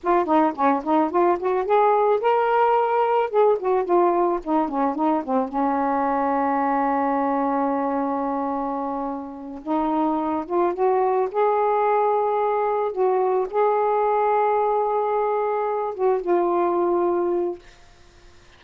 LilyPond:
\new Staff \with { instrumentName = "saxophone" } { \time 4/4 \tempo 4 = 109 f'8 dis'8 cis'8 dis'8 f'8 fis'8 gis'4 | ais'2 gis'8 fis'8 f'4 | dis'8 cis'8 dis'8 c'8 cis'2~ | cis'1~ |
cis'4. dis'4. f'8 fis'8~ | fis'8 gis'2. fis'8~ | fis'8 gis'2.~ gis'8~ | gis'4 fis'8 f'2~ f'8 | }